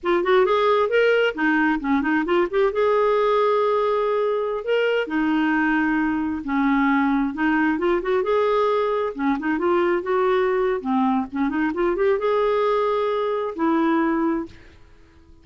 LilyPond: \new Staff \with { instrumentName = "clarinet" } { \time 4/4 \tempo 4 = 133 f'8 fis'8 gis'4 ais'4 dis'4 | cis'8 dis'8 f'8 g'8 gis'2~ | gis'2~ gis'16 ais'4 dis'8.~ | dis'2~ dis'16 cis'4.~ cis'16~ |
cis'16 dis'4 f'8 fis'8 gis'4.~ gis'16~ | gis'16 cis'8 dis'8 f'4 fis'4.~ fis'16 | c'4 cis'8 dis'8 f'8 g'8 gis'4~ | gis'2 e'2 | }